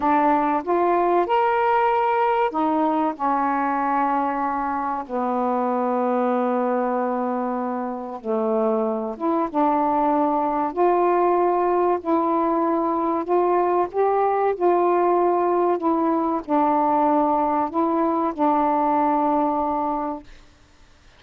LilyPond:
\new Staff \with { instrumentName = "saxophone" } { \time 4/4 \tempo 4 = 95 d'4 f'4 ais'2 | dis'4 cis'2. | b1~ | b4 a4. e'8 d'4~ |
d'4 f'2 e'4~ | e'4 f'4 g'4 f'4~ | f'4 e'4 d'2 | e'4 d'2. | }